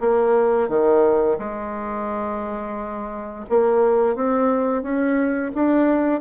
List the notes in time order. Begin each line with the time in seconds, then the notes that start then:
0.00 A#3
0.69 D#3
1.39 G#3
3.50 A#3
4.15 C4
4.82 C#4
5.55 D4